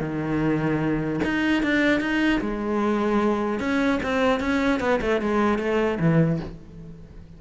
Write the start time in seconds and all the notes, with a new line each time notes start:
0.00 D#3
1.24 D#4
1.63 D4
2.00 D#4
2.41 G#3
3.60 C#4
4.03 C4
4.40 C#4
4.80 B3
5.01 A3
5.21 G#3
5.59 A3
5.99 E3